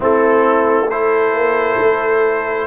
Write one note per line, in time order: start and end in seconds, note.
0.00 1.32 A3
0.00 0.86 C4
0.00 0.87 E4
0.00 0.90 A4
0.89 2.67 E4
0.89 2.67 A4
0.89 2.67 C5
1.32 1.77 A#3
1.79 2.67 A3